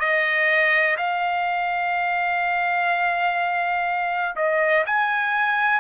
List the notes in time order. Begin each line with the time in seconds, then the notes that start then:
0.00 D#5
0.97 F5
4.36 D#5
4.87 G#5